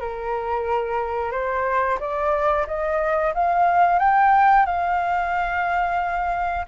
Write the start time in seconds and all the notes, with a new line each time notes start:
0.00 A#4
1.32 C5
2.00 D5
2.67 D#5
3.34 F5
3.99 G5
4.66 F5